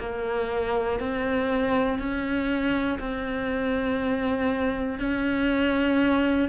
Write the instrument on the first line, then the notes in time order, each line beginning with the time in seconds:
cello
0.00 A#3
1.00 C4
1.99 C#4
2.99 C4
4.99 C#4